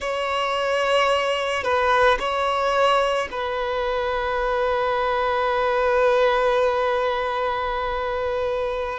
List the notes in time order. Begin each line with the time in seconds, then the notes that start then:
0.00 C#5
1.63 B4
2.19 C#5
3.31 B4